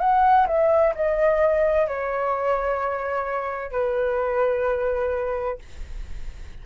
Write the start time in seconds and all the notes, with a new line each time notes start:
0.00 F#5
0.47 E5
0.95 D#5
1.88 C#5
3.72 B4